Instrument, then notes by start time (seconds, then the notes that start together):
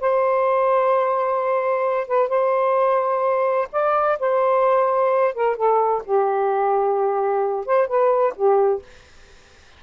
saxophone
0.00 C5
2.07 B4
2.29 C5
3.72 D5
4.19 C5
5.34 A#4
5.56 A4
6.05 G4
7.66 C5
7.87 B4
8.36 G4